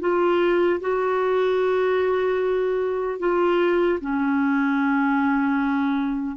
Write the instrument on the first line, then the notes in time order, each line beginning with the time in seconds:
clarinet
0.00 F4
0.80 F#4
3.19 F4
4.00 C#4